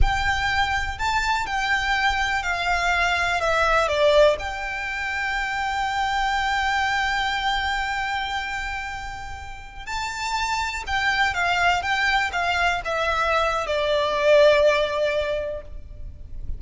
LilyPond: \new Staff \with { instrumentName = "violin" } { \time 4/4 \tempo 4 = 123 g''2 a''4 g''4~ | g''4 f''2 e''4 | d''4 g''2.~ | g''1~ |
g''1~ | g''16 a''2 g''4 f''8.~ | f''16 g''4 f''4 e''4.~ e''16 | d''1 | }